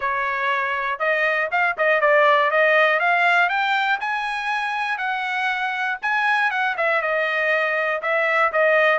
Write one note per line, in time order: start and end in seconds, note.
0.00 0.99 C#5
0.99 1.49 D#5
1.51 1.76 F5
1.77 2.00 D#5
2.00 2.50 D5
2.50 2.99 D#5
2.99 3.49 F5
3.49 3.99 G5
4.00 4.97 G#5
4.97 5.97 F#5
6.02 6.50 G#5
6.50 6.75 F#5
6.77 7.01 E5
7.01 8.01 D#5
8.02 8.52 E5
8.52 8.98 D#5